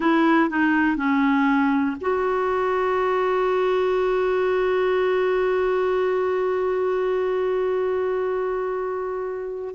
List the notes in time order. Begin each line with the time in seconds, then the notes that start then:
0.00 E4
0.50 D#4
0.96 C#4
2.00 F#4